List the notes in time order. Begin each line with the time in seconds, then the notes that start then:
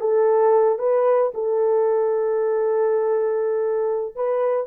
0.00 A4
0.79 B4
1.34 A4
4.15 B4